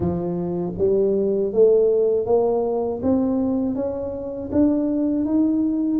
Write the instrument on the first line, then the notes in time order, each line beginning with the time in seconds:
tuba
0.00 F3
0.78 G3
1.52 A3
2.26 A#3
3.02 C4
3.75 C#4
4.51 D4
5.25 D#4